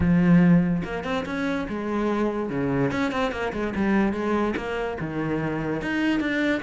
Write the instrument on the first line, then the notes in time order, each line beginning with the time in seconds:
cello
0.00 F3
0.84 A#3
1.04 C4
1.25 C#4
1.69 G#3
2.49 C#3
2.91 C#4
3.11 C4
3.31 A#3
3.52 G#3
3.75 G3
4.12 G#3
4.56 A#3
5.00 D#3
5.81 D#4
6.20 D4